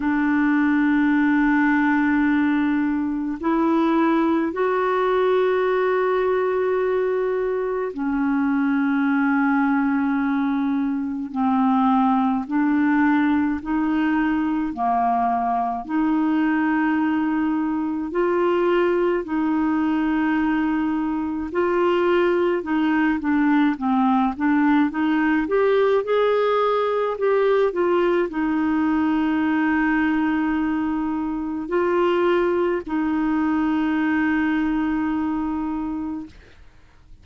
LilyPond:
\new Staff \with { instrumentName = "clarinet" } { \time 4/4 \tempo 4 = 53 d'2. e'4 | fis'2. cis'4~ | cis'2 c'4 d'4 | dis'4 ais4 dis'2 |
f'4 dis'2 f'4 | dis'8 d'8 c'8 d'8 dis'8 g'8 gis'4 | g'8 f'8 dis'2. | f'4 dis'2. | }